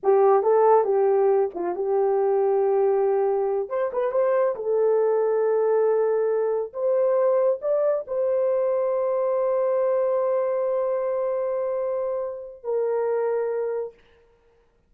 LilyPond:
\new Staff \with { instrumentName = "horn" } { \time 4/4 \tempo 4 = 138 g'4 a'4 g'4. f'8 | g'1~ | g'8 c''8 b'8 c''4 a'4.~ | a'2.~ a'8 c''8~ |
c''4. d''4 c''4.~ | c''1~ | c''1~ | c''4 ais'2. | }